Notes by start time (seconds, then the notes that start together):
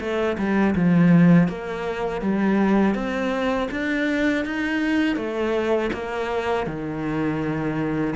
0.00 A3
0.37 G3
0.75 F3
1.48 A#3
2.21 G3
2.94 C4
3.71 D4
4.44 D#4
5.16 A3
5.93 A#3
6.66 D#3